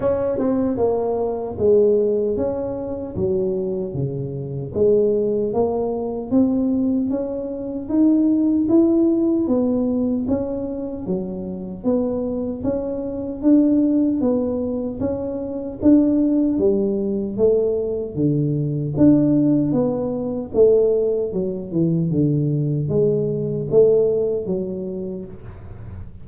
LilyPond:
\new Staff \with { instrumentName = "tuba" } { \time 4/4 \tempo 4 = 76 cis'8 c'8 ais4 gis4 cis'4 | fis4 cis4 gis4 ais4 | c'4 cis'4 dis'4 e'4 | b4 cis'4 fis4 b4 |
cis'4 d'4 b4 cis'4 | d'4 g4 a4 d4 | d'4 b4 a4 fis8 e8 | d4 gis4 a4 fis4 | }